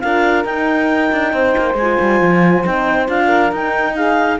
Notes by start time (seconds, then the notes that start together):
0.00 D4 F4 A#4 F5
0.44 D#4 G5
1.11 D4
1.33 C4 C5
1.57 A#3
1.74 G#3 G#5
1.81 F4
2.00 G3
2.20 F3
2.65 C4 D#4 G5
3.06 D4 F4 F5
3.26 A#4
3.51 D#4 G5
3.95 G#4 F5